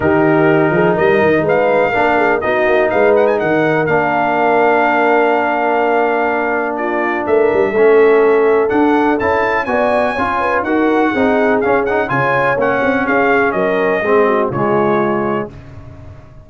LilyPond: <<
  \new Staff \with { instrumentName = "trumpet" } { \time 4/4 \tempo 4 = 124 ais'2 dis''4 f''4~ | f''4 dis''4 f''8 fis''16 gis''16 fis''4 | f''1~ | f''2 d''4 e''4~ |
e''2 fis''4 a''4 | gis''2 fis''2 | f''8 fis''8 gis''4 fis''4 f''4 | dis''2 cis''2 | }
  \new Staff \with { instrumentName = "horn" } { \time 4/4 g'4. gis'8 ais'4 b'4 | ais'8 gis'8 fis'4 b'4 ais'4~ | ais'1~ | ais'2 f'4 ais'4 |
a'1 | d''4 cis''8 b'8 ais'4 gis'4~ | gis'4 cis''2 gis'4 | ais'4 gis'8 fis'8 f'2 | }
  \new Staff \with { instrumentName = "trombone" } { \time 4/4 dis'1 | d'4 dis'2. | d'1~ | d'1 |
cis'2 d'4 e'4 | fis'4 f'4 fis'4 dis'4 | cis'8 dis'8 f'4 cis'2~ | cis'4 c'4 gis2 | }
  \new Staff \with { instrumentName = "tuba" } { \time 4/4 dis4. f8 g8 dis8 gis4 | ais4 b8 ais8 gis4 dis4 | ais1~ | ais2. a8 g8 |
a2 d'4 cis'4 | b4 cis'4 dis'4 c'4 | cis'4 cis4 ais8 c'8 cis'4 | fis4 gis4 cis2 | }
>>